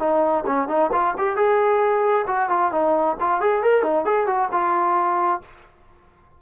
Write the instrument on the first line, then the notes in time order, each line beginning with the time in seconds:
trombone
0.00 D#4
0.47 C#4
0.69 D#4
0.93 F4
1.18 G4
1.37 G#4
2.28 F#4
2.50 F4
2.72 D#4
3.21 F4
3.41 G#4
3.63 A#4
3.83 D#4
4.06 G#4
4.27 F#4
4.52 F4